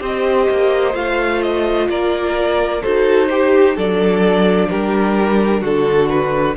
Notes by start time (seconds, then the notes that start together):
0.00 C4 G4 C5 D#5
0.50 A#3
0.94 A3 F4 F5
1.42 D#5
1.90 A#3 A#4 D5
2.82 D#4 F#4 A4 C5
3.30 G4
3.75 F#3 D4 A4 D5
4.70 G3 G4 A#4
5.62 D3 F#4 A4
6.10 B4